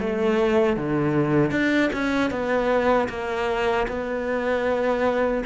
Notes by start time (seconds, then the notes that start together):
0.00 A3
0.77 D3
1.51 D4
1.93 C#4
2.31 B3
3.09 A#3
3.88 B3